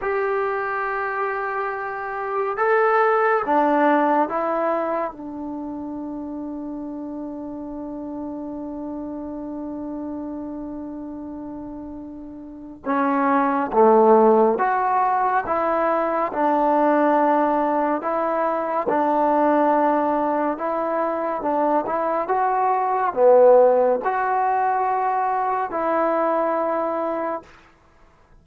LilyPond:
\new Staff \with { instrumentName = "trombone" } { \time 4/4 \tempo 4 = 70 g'2. a'4 | d'4 e'4 d'2~ | d'1~ | d'2. cis'4 |
a4 fis'4 e'4 d'4~ | d'4 e'4 d'2 | e'4 d'8 e'8 fis'4 b4 | fis'2 e'2 | }